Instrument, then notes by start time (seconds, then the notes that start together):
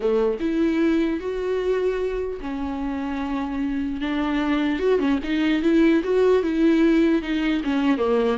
viola
0.00 A3
0.40 E4
1.19 F#4
2.40 C#4
4.01 D4
4.79 F#4
4.99 C#4
5.23 D#4
5.62 E4
6.03 F#4
6.42 E4
7.22 D#4
7.63 C#4
7.97 A#3